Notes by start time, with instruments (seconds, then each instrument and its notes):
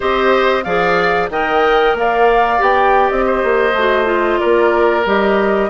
0.00 bassoon C4, clarinet G4, oboe C5, flute D#5
0.63 bassoon F3, clarinet G#4, oboe D5, flute F5
1.30 bassoon D#3, clarinet A#4, oboe D#5, flute G5
1.94 bassoon A#3, oboe D5, flute F5
2.57 bassoon B3, clarinet G4, flute G5
3.09 bassoon C4, flute D#5
3.26 oboe C5
3.43 bassoon A#3
3.73 bassoon A3, clarinet F#4
4.04 clarinet F4
4.39 bassoon A#3, oboe A#4, flute D5
5.05 bassoon G3, clarinet G4, flute D#5